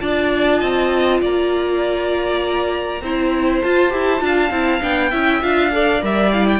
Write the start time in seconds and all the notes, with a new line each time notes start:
0.00 D4 F4 D5 A5
0.60 C4 D#5
1.21 A#3 D5 A#5
3.01 C4 E4 C5
3.62 F4 A5
3.90 E4 G4
4.19 D4 F4 F5
4.50 C4 E4
4.81 B3 D4 G5
5.11 C#4 E4 E5
5.42 D4 F4 F5
5.72 A4 D5
6.01 G3 A#4 E5
6.32 E4 F5
6.48 G5